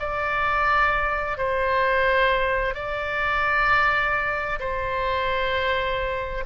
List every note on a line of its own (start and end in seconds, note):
0.00 1.38 D5
1.38 2.75 C5
2.75 4.59 D5
4.60 6.44 C5